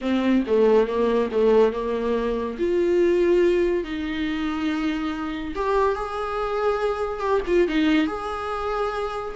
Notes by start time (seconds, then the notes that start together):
0.01 C4
0.47 A3
0.87 A#3
1.31 A3
1.72 A#3
2.58 F4
3.84 D#4
5.55 G4
5.95 G#4
7.19 G4
7.46 F4
7.68 D#4
8.07 G#4